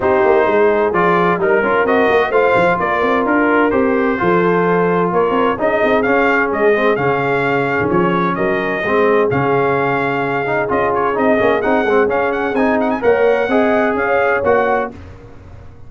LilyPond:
<<
  \new Staff \with { instrumentName = "trumpet" } { \time 4/4 \tempo 4 = 129 c''2 d''4 ais'4 | dis''4 f''4 d''4 ais'4 | c''2. cis''4 | dis''4 f''4 dis''4 f''4~ |
f''4 cis''4 dis''2 | f''2. dis''8 cis''8 | dis''4 fis''4 f''8 fis''8 gis''8 fis''16 gis''16 | fis''2 f''4 fis''4 | }
  \new Staff \with { instrumentName = "horn" } { \time 4/4 g'4 gis'2 ais'4~ | ais'4 c''4 ais'2~ | ais'4 a'2 ais'4 | gis'1~ |
gis'2 ais'4 gis'4~ | gis'1~ | gis'1 | cis''4 dis''4 cis''2 | }
  \new Staff \with { instrumentName = "trombone" } { \time 4/4 dis'2 f'4 dis'8 f'8 | fis'4 f'2. | g'4 f'2. | dis'4 cis'4. c'8 cis'4~ |
cis'2. c'4 | cis'2~ cis'8 dis'8 f'4 | dis'8 cis'8 dis'8 c'8 cis'4 dis'4 | ais'4 gis'2 fis'4 | }
  \new Staff \with { instrumentName = "tuba" } { \time 4/4 c'8 ais8 gis4 f4 g8 cis'8 | c'8 ais8 a8 f8 ais8 c'8 d'4 | c'4 f2 ais8 c'8 | cis'8 c'8 cis'4 gis4 cis4~ |
cis8. dis16 f4 fis4 gis4 | cis2. cis'4 | c'8 ais8 c'8 gis8 cis'4 c'4 | ais4 c'4 cis'4 ais4 | }
>>